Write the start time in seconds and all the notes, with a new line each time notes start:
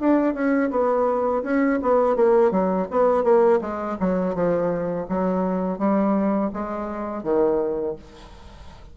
0.00 D4
0.34 C#4
0.71 B3
1.44 C#4
1.82 B3
2.16 A#3
2.51 F#3
2.91 B3
3.24 A#3
3.61 G#3
4.00 F#3
4.35 F3
5.09 F#3
5.79 G3
6.53 G#3
7.24 D#3